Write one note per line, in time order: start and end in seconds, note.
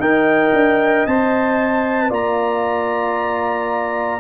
0.00 0.53 D#4
0.00 1.07 A#4
0.00 2.10 D#5
0.00 1.07 G5
0.53 1.06 D4
1.07 2.11 C4
1.07 2.10 C5
1.07 2.12 A5
2.10 4.20 A#3
2.10 4.20 F4
2.10 4.20 D5
2.10 4.20 A#5